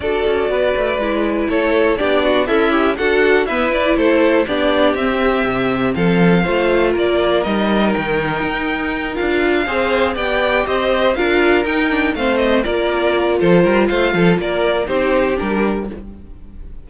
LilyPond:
<<
  \new Staff \with { instrumentName = "violin" } { \time 4/4 \tempo 4 = 121 d''2. cis''4 | d''4 e''4 fis''4 e''8 d''8 | c''4 d''4 e''2 | f''2 d''4 dis''4 |
g''2~ g''8 f''4.~ | f''8 g''4 dis''4 f''4 g''8~ | g''8 f''8 dis''8 d''4. c''4 | f''4 d''4 c''4 ais'4 | }
  \new Staff \with { instrumentName = "violin" } { \time 4/4 a'4 b'2 a'4 | g'8 fis'8 e'4 a'4 b'4 | a'4 g'2. | a'4 c''4 ais'2~ |
ais'2.~ ais'8 c''8~ | c''8 d''4 c''4 ais'4.~ | ais'8 c''4 ais'4. a'8 ais'8 | c''8 a'8 ais'4 g'2 | }
  \new Staff \with { instrumentName = "viola" } { \time 4/4 fis'2 e'2 | d'4 a'8 g'8 fis'4 b8 e'8~ | e'4 d'4 c'2~ | c'4 f'2 dis'4~ |
dis'2~ dis'8 f'4 gis'8~ | gis'8 g'2 f'4 dis'8 | d'8 c'4 f'2~ f'8~ | f'2 dis'4 d'4 | }
  \new Staff \with { instrumentName = "cello" } { \time 4/4 d'8 cis'8 b8 a8 gis4 a4 | b4 cis'4 d'4 e'4 | a4 b4 c'4 c4 | f4 a4 ais4 g4 |
dis4 dis'4. d'4 c'8~ | c'8 b4 c'4 d'4 dis'8~ | dis'8 a4 ais4. f8 g8 | a8 f8 ais4 c'4 g4 | }
>>